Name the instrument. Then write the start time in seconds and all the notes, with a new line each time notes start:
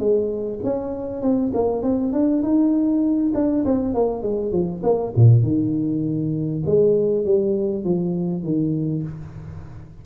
tuba
0.00 G#3
0.64 C#4
1.22 C4
1.54 A#3
1.83 C4
2.13 D4
2.43 D#4
3.35 D4
3.65 C4
3.94 A#3
4.23 G#3
4.52 F3
4.83 A#3
5.16 A#2
5.44 D#3
6.66 G#3
7.25 G3
7.85 F3
8.44 D#3